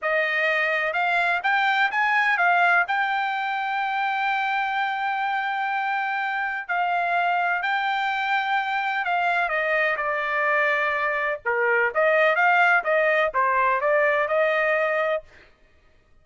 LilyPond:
\new Staff \with { instrumentName = "trumpet" } { \time 4/4 \tempo 4 = 126 dis''2 f''4 g''4 | gis''4 f''4 g''2~ | g''1~ | g''2 f''2 |
g''2. f''4 | dis''4 d''2. | ais'4 dis''4 f''4 dis''4 | c''4 d''4 dis''2 | }